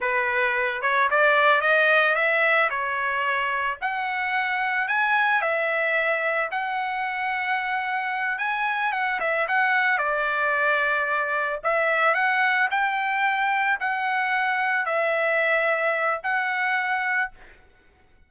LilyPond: \new Staff \with { instrumentName = "trumpet" } { \time 4/4 \tempo 4 = 111 b'4. cis''8 d''4 dis''4 | e''4 cis''2 fis''4~ | fis''4 gis''4 e''2 | fis''2.~ fis''8 gis''8~ |
gis''8 fis''8 e''8 fis''4 d''4.~ | d''4. e''4 fis''4 g''8~ | g''4. fis''2 e''8~ | e''2 fis''2 | }